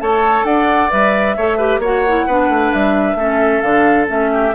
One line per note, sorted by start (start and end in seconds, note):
0.00 0.44 A3
0.00 0.90 A4
0.00 0.46 C#5
0.00 0.45 A5
0.44 0.89 D4
0.44 1.37 D5
0.44 0.90 F#5
0.90 1.37 G3
0.90 1.36 B4
0.90 1.81 E5
1.37 1.78 A3
1.37 1.59 A4
1.37 1.57 C#5
1.57 1.82 G4
1.57 1.80 B4
1.78 2.24 A#3
1.78 2.07 F#4
1.78 2.26 C#5
1.78 2.73 F#5
2.08 2.29 E4
2.26 2.49 B3
2.26 3.19 D4
2.26 3.17 B4
2.49 2.72 A3
2.73 3.14 G3
2.73 3.61 E5
3.14 3.60 A3
3.14 3.63 C#4
3.14 4.32 A4
3.61 4.08 D3
3.61 4.07 D4
3.61 4.06 F5
4.07 4.54 A3
4.07 4.52 C#4
4.07 4.54 E5
4.33 4.54 G4